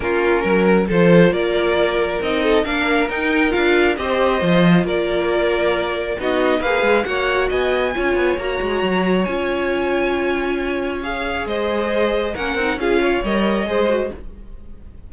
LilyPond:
<<
  \new Staff \with { instrumentName = "violin" } { \time 4/4 \tempo 4 = 136 ais'2 c''4 d''4~ | d''4 dis''4 f''4 g''4 | f''4 dis''2 d''4~ | d''2 dis''4 f''4 |
fis''4 gis''2 ais''4~ | ais''4 gis''2.~ | gis''4 f''4 dis''2 | fis''4 f''4 dis''2 | }
  \new Staff \with { instrumentName = "violin" } { \time 4/4 f'4 ais'4 a'4 ais'4~ | ais'4. a'8 ais'2~ | ais'4 c''2 ais'4~ | ais'2 fis'4 b'4 |
cis''4 dis''4 cis''2~ | cis''1~ | cis''2 c''2 | ais'4 gis'8 cis''4. c''4 | }
  \new Staff \with { instrumentName = "viola" } { \time 4/4 cis'2 f'2~ | f'4 dis'4 d'4 dis'4 | f'4 g'4 f'2~ | f'2 dis'4 gis'4 |
fis'2 f'4 fis'4~ | fis'4 f'2.~ | f'4 gis'2. | cis'8 dis'8 f'4 ais'4 gis'8 fis'8 | }
  \new Staff \with { instrumentName = "cello" } { \time 4/4 ais4 fis4 f4 ais4~ | ais4 c'4 ais4 dis'4 | d'4 c'4 f4 ais4~ | ais2 b4 ais8 gis8 |
ais4 b4 cis'8 b8 ais8 gis8 | fis4 cis'2.~ | cis'2 gis2 | ais8 c'8 cis'4 g4 gis4 | }
>>